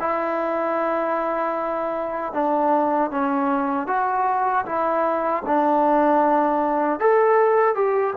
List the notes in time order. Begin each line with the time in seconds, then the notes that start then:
0.00 E4
2.33 D4
3.11 C#4
3.87 F#4
4.65 E4
5.47 D4
7.00 A4
7.75 G4